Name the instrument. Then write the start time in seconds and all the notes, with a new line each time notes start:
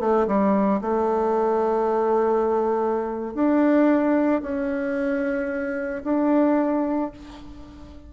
bassoon
0.00 A3
0.27 G3
0.81 A3
3.35 D4
4.42 C#4
6.04 D4